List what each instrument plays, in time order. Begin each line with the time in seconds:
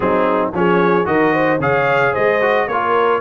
0.00 tuba F#3, trombone C4, horn D#4, trumpet G#4
0.53 tuba F3, trombone C#4, horn G#4, trumpet C#5
1.04 tuba D#3, trombone F#4, horn A#4, trumpet D#5
1.32 horn C5
1.59 tuba C#3, trombone G#4, horn C#5, trumpet F5
2.12 tuba G#3, horn C5, trumpet D#5
2.41 trombone F#4
2.67 tuba A#3, trombone F4, horn A#4, trumpet C#5